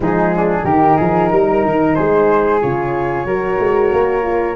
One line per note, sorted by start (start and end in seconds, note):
0.00 0.63 F3
0.00 0.63 G#3
0.00 0.34 D#4
0.00 0.65 G#4
0.36 0.65 D4
0.63 0.96 D#3
0.63 2.61 D#4
0.63 0.96 G4
0.63 1.94 A#4
0.96 1.32 F3
0.96 1.29 G#4
1.31 1.64 G3
1.31 1.95 A#4
1.64 1.97 D#3
1.94 2.63 G#3
1.94 3.26 G#4
1.94 2.59 C5
2.61 3.25 C#3
2.61 3.26 F4
2.61 4.55 C#5
3.25 3.58 F#3
3.25 4.22 F#4
3.25 4.55 A#4
3.59 3.91 G#3
3.91 4.55 A#3
4.22 4.55 F4